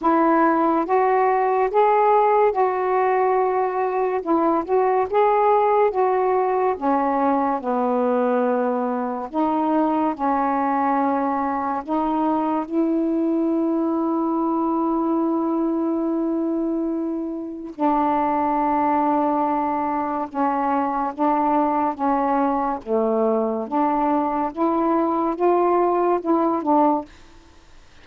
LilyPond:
\new Staff \with { instrumentName = "saxophone" } { \time 4/4 \tempo 4 = 71 e'4 fis'4 gis'4 fis'4~ | fis'4 e'8 fis'8 gis'4 fis'4 | cis'4 b2 dis'4 | cis'2 dis'4 e'4~ |
e'1~ | e'4 d'2. | cis'4 d'4 cis'4 a4 | d'4 e'4 f'4 e'8 d'8 | }